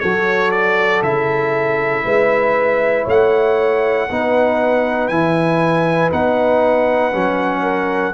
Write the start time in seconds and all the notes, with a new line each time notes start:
0.00 F#3 F#4 A4 C#5
0.51 D5
1.03 C#3 E4 E5
2.05 G#3 B4
3.04 A3 C#5 F#5
4.09 B3 D#4 B4
5.08 E3 E4 G#5
6.11 B3 D#4 F#5
7.12 F#3 C#4
7.62 A#4